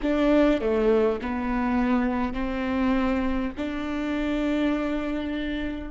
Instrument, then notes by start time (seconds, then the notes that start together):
viola
0.02 D4
0.60 A3
1.21 B3
2.33 C4
3.57 D4